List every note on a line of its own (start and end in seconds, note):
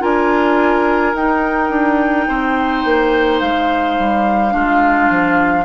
0.00 1.14 D4
0.00 1.13 F4
0.00 2.28 A#4
0.00 1.16 G#5
1.14 1.70 D#4
1.14 4.51 D#4
1.14 3.40 G5
1.70 2.27 D4
2.28 2.85 C4
2.28 4.54 C5
2.85 3.42 A#3
3.40 3.98 G#3
3.40 5.65 F5
3.99 4.55 G3
4.51 5.10 G#3
4.51 5.64 D4
4.51 5.65 F4
5.10 5.65 F3